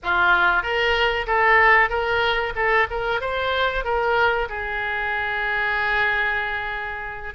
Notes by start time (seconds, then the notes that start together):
0.03 F4
0.62 A#4
1.26 A4
1.89 A#4
2.55 A4
2.90 A#4
3.20 C5
3.84 A#4
4.49 G#4